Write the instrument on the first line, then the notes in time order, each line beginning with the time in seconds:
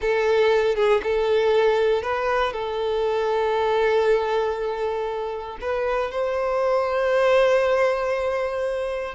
violin
0.01 A4
0.75 G#4
1.03 A4
2.02 B4
2.52 A4
5.60 B4
6.11 C5